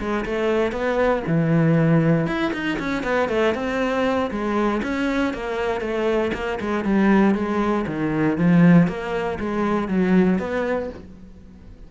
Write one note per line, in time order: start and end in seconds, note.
0.00 0.25 G#3
0.26 0.73 A3
0.73 1.23 B3
1.28 2.27 E3
2.27 2.53 E4
2.54 2.79 D#4
2.80 3.04 C#4
3.04 3.29 B3
3.29 3.55 A3
3.55 4.31 C4
4.31 4.82 G#3
4.84 5.34 C#4
5.34 5.81 A#3
5.81 6.32 A3
6.34 6.60 A#3
6.61 6.85 G#3
6.85 7.35 G3
7.35 7.86 G#3
7.87 8.38 D#3
8.38 8.88 F3
8.88 9.39 A#3
9.40 9.89 G#3
9.89 10.39 F#3
10.39 10.90 B3